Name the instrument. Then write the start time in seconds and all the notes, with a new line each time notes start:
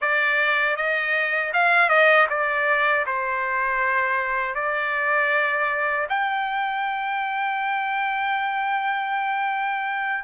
trumpet
0.01 D5
0.76 D#5
1.53 F5
1.88 D#5
2.29 D5
3.06 C5
4.54 D5
6.09 G5